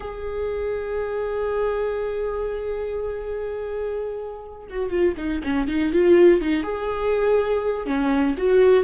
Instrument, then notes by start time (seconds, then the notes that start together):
viola
0.00 G#4
4.69 F#4
4.90 F4
5.17 D#4
5.43 C#4
5.68 D#4
5.93 F4
6.41 D#4
6.63 G#4
7.86 C#4
8.37 F#4